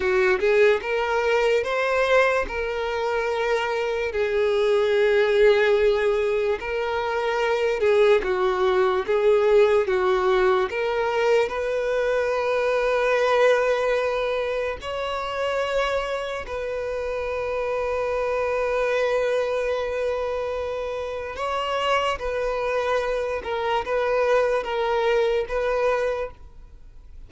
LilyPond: \new Staff \with { instrumentName = "violin" } { \time 4/4 \tempo 4 = 73 fis'8 gis'8 ais'4 c''4 ais'4~ | ais'4 gis'2. | ais'4. gis'8 fis'4 gis'4 | fis'4 ais'4 b'2~ |
b'2 cis''2 | b'1~ | b'2 cis''4 b'4~ | b'8 ais'8 b'4 ais'4 b'4 | }